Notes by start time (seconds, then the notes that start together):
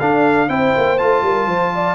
0.00 D4 A4 F5
0.49 C4 E4 C5 G5
0.78 A#3
0.98 A3 F4 A5
1.22 G3 A#4
1.47 F3 C5
1.75 D5